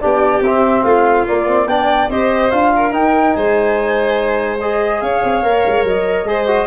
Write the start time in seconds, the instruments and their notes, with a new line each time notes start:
0.00 tuba B3, trombone D4, violin G4, flute D5
0.40 tuba C4, trombone C4, flute E5
0.83 tuba A3, violin F4, flute F5
1.27 trombone A#3, tuba A#3, flute D5
1.46 trombone C4
1.66 tuba B3, trombone D4, violin D5, flute G5
2.09 tuba C4, trombone G4, violin C5, flute D#5
2.51 tuba D4, trombone F4, flute F5
2.75 violin A#4
2.92 trombone D#4, tuba D#4, flute G5
3.33 tuba G#3, violin C5, flute G#5
4.59 trombone G#4, flute D#5
5.01 tuba C#4, violin C#5, flute F5
5.24 tuba C4
5.43 tuba A#3, trombone A#4
5.66 tuba G#3
5.83 tuba F#3, flute D#5
6.24 tuba G#3, trombone G#4, violin C5
6.47 trombone F#4